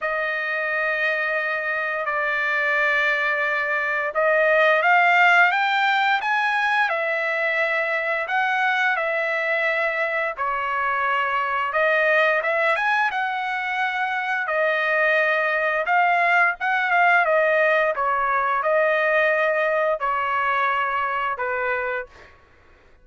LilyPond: \new Staff \with { instrumentName = "trumpet" } { \time 4/4 \tempo 4 = 87 dis''2. d''4~ | d''2 dis''4 f''4 | g''4 gis''4 e''2 | fis''4 e''2 cis''4~ |
cis''4 dis''4 e''8 gis''8 fis''4~ | fis''4 dis''2 f''4 | fis''8 f''8 dis''4 cis''4 dis''4~ | dis''4 cis''2 b'4 | }